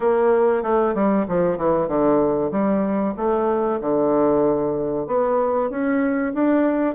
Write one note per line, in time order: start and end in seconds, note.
0.00 0.63 A#3
0.63 0.94 A3
0.94 1.25 G3
1.27 1.57 F3
1.57 1.87 E3
1.87 2.51 D3
2.51 3.14 G3
3.16 3.80 A3
3.80 5.06 D3
5.06 5.70 B3
5.70 6.33 C#4
6.34 6.95 D4